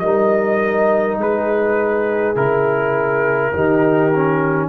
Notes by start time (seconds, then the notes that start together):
0.00 G3 D#4 A#4 D#5
1.18 G#3 G#4 B4
2.36 C#3 E4 A#4
3.54 D#3 D#4 G4
4.14 C#4